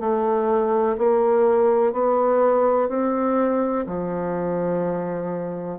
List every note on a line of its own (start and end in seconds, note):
0.00 0.97 A3
0.98 1.93 A#3
1.93 2.89 B3
2.89 3.86 C4
3.86 5.79 F3